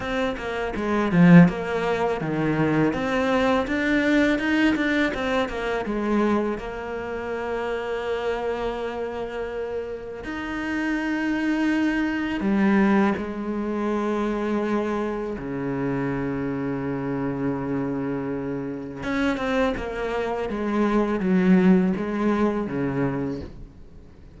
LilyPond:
\new Staff \with { instrumentName = "cello" } { \time 4/4 \tempo 4 = 82 c'8 ais8 gis8 f8 ais4 dis4 | c'4 d'4 dis'8 d'8 c'8 ais8 | gis4 ais2.~ | ais2 dis'2~ |
dis'4 g4 gis2~ | gis4 cis2.~ | cis2 cis'8 c'8 ais4 | gis4 fis4 gis4 cis4 | }